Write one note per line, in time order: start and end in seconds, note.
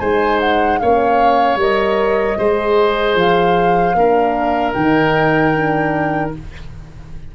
0.00 0.79 G#3
0.00 0.82 D#4
0.00 0.79 C5
0.00 0.39 G#5
0.40 0.80 F#5
0.80 1.56 A#3
0.80 1.60 C#4
0.80 2.38 C#5
0.80 1.59 F5
1.56 2.35 G3
1.56 2.38 A#4
1.56 3.18 D#5
2.38 3.15 G#3
2.38 3.97 G#4
2.38 3.96 C5
3.15 3.94 F3
3.15 4.74 F5
3.95 4.74 A#3
3.95 4.77 D4
3.95 6.35 A#4
4.74 6.34 D#3
4.74 5.55 D#4
4.74 6.31 G5
5.55 6.34 D4